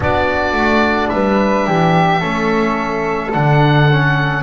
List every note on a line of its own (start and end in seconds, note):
0.00 0.52 B3
0.00 2.19 D4
0.00 1.11 F#4
0.00 1.09 D5
0.52 1.08 A3
1.09 1.67 G3
1.09 1.66 B4
1.09 3.31 E5
1.66 2.22 E3
1.66 2.19 G4
2.19 3.34 A3
2.19 3.31 C#4
2.19 4.42 A4
3.32 4.43 D3
3.32 3.89 D4
3.32 4.43 F#5
3.90 4.43 C#4